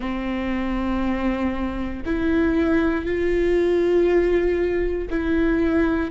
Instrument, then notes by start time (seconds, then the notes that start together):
viola
0.00 C4
2.05 E4
3.05 F4
5.10 E4